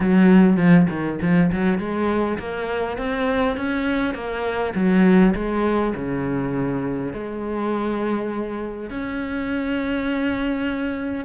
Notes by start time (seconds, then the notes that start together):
0.00 F#3
0.56 F3
0.89 D#3
1.21 F3
1.51 F#3
1.78 G#3
2.38 A#3
2.97 C4
3.56 C#4
4.14 A#3
4.74 F#3
5.34 G#3
5.95 C#3
7.13 G#3
8.90 C#4